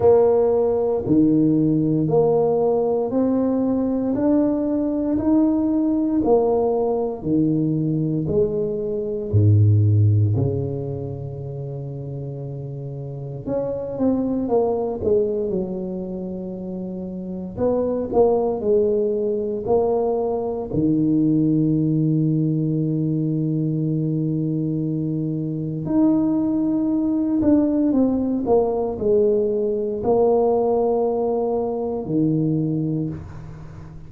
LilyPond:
\new Staff \with { instrumentName = "tuba" } { \time 4/4 \tempo 4 = 58 ais4 dis4 ais4 c'4 | d'4 dis'4 ais4 dis4 | gis4 gis,4 cis2~ | cis4 cis'8 c'8 ais8 gis8 fis4~ |
fis4 b8 ais8 gis4 ais4 | dis1~ | dis4 dis'4. d'8 c'8 ais8 | gis4 ais2 dis4 | }